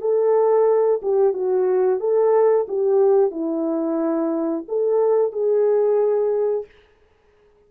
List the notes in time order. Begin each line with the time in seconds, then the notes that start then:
0.00 A4
1.02 G4
1.33 F#4
2.00 A4
2.68 G4
3.31 E4
4.68 A4
5.32 G#4